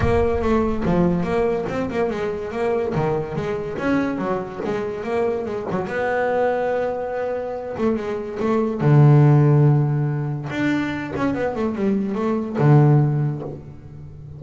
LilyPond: \new Staff \with { instrumentName = "double bass" } { \time 4/4 \tempo 4 = 143 ais4 a4 f4 ais4 | c'8 ais8 gis4 ais4 dis4 | gis4 cis'4 fis4 gis4 | ais4 gis8 fis8 b2~ |
b2~ b8 a8 gis4 | a4 d2.~ | d4 d'4. cis'8 b8 a8 | g4 a4 d2 | }